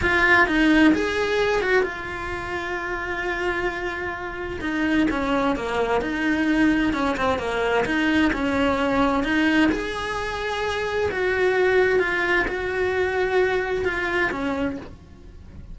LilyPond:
\new Staff \with { instrumentName = "cello" } { \time 4/4 \tempo 4 = 130 f'4 dis'4 gis'4. fis'8 | f'1~ | f'2 dis'4 cis'4 | ais4 dis'2 cis'8 c'8 |
ais4 dis'4 cis'2 | dis'4 gis'2. | fis'2 f'4 fis'4~ | fis'2 f'4 cis'4 | }